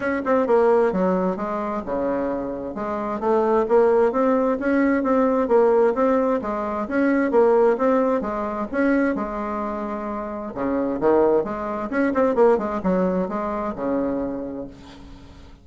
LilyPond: \new Staff \with { instrumentName = "bassoon" } { \time 4/4 \tempo 4 = 131 cis'8 c'8 ais4 fis4 gis4 | cis2 gis4 a4 | ais4 c'4 cis'4 c'4 | ais4 c'4 gis4 cis'4 |
ais4 c'4 gis4 cis'4 | gis2. cis4 | dis4 gis4 cis'8 c'8 ais8 gis8 | fis4 gis4 cis2 | }